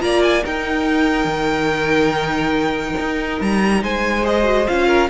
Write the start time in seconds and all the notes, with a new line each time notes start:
0.00 A#3 F4 D5 A#5
0.22 G#5
0.44 D#4 A#4 G5
1.25 D#3
2.99 D#4
3.41 G3 A#5
3.82 G#3 C5 G#5
4.23 G#4 D#5
4.43 F#4
4.68 C#4 F4 F5
4.87 A#4